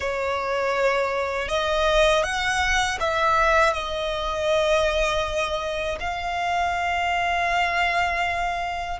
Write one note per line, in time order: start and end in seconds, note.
0.00 1.48 C#5
1.48 2.23 D#5
2.23 2.98 F#5
3.00 3.73 E5
3.73 5.98 D#5
6.00 9.00 F5